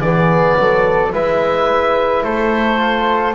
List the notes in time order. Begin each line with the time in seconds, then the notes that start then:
0.00 E3 B3 G#4 D5
0.58 F#3 A4
1.12 G#3 E4 B4 E5
2.24 A3 A4 C5
2.77 F4